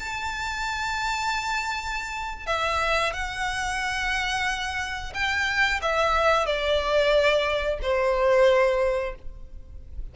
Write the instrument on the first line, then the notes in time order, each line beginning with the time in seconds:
violin
0.00 A5
2.47 E5
3.14 F#5
5.14 G5
5.82 E5
6.46 D5
7.82 C5